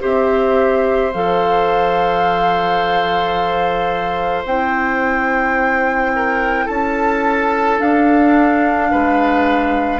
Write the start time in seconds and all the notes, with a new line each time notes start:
0.00 C4 G4 C5 E5
1.12 F3 A4 F5
4.45 C4 E4 G5
6.15 A#4
6.65 C#4 A4 A5
7.78 D4 F5
8.91 G#3 B4